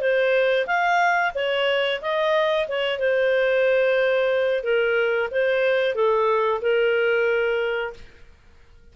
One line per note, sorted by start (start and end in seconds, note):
0.00 0.66 C5
0.67 1.32 F5
1.34 2.00 C#5
2.01 2.67 D#5
2.68 2.99 C#5
2.99 4.63 C5
4.63 5.29 A#4
5.31 5.95 C5
5.95 6.61 A4
6.61 7.93 A#4